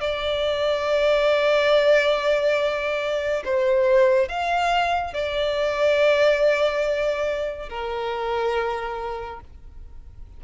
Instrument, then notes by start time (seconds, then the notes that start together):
violin
0.00 D5
3.44 C5
4.28 F5
5.13 D5
7.69 A#4